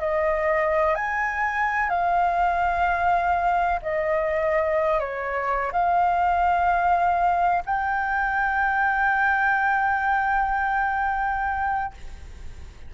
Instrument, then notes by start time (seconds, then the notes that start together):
flute
0.00 D#5
0.95 G#5
1.89 F5
3.82 D#5
5.00 C#5
5.72 F5
7.65 G5